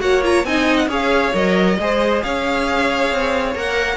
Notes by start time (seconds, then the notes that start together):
0.00 A#3 F#4 C#5 F#5
0.23 F4 A#5
0.45 C4 D#4 D#5 G#5
0.77 F#5
0.88 C#4 G#4 C#5 F5
1.34 F#3 A#4 D#5
1.79 G#3 G#4 C5
2.23 C#4 C#5 F5
3.11 C4
3.55 A#3 A#4 F#5